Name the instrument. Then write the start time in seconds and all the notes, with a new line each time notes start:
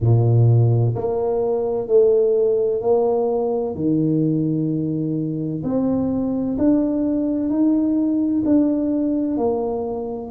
tuba
0.00 A#2
0.95 A#3
1.87 A3
2.81 A#3
3.75 D#3
5.63 C4
6.58 D4
7.49 D#4
8.45 D4
9.37 A#3